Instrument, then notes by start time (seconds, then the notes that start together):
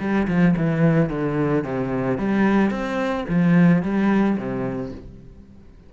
cello
0.00 G3
0.28 F3
0.57 E3
1.10 D3
1.64 C3
2.18 G3
2.71 C4
3.29 F3
3.83 G3
4.38 C3